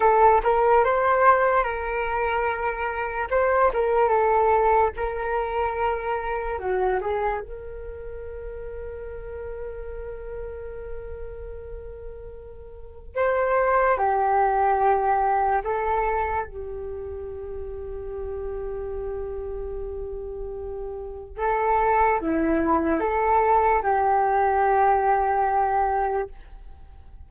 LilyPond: \new Staff \with { instrumentName = "flute" } { \time 4/4 \tempo 4 = 73 a'8 ais'8 c''4 ais'2 | c''8 ais'8 a'4 ais'2 | fis'8 gis'8 ais'2.~ | ais'1 |
c''4 g'2 a'4 | g'1~ | g'2 a'4 e'4 | a'4 g'2. | }